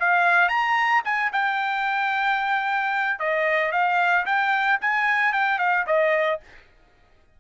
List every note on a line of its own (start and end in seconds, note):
0.00 0.49 F5
0.49 1.03 A#5
1.05 1.31 G#5
1.33 3.20 G5
3.20 3.72 D#5
3.72 4.26 F5
4.26 4.80 G5
4.81 5.33 G#5
5.33 5.59 G5
5.59 5.86 F5
5.87 6.40 D#5